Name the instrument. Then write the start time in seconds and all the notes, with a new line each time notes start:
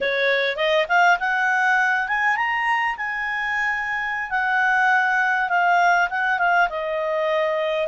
clarinet
0.00 C#5
0.56 D#5
0.88 F5
1.19 F#5
2.08 G#5
2.36 A#5
2.96 G#5
4.30 F#5
5.49 F5
6.09 F#5
6.39 F5
6.69 D#5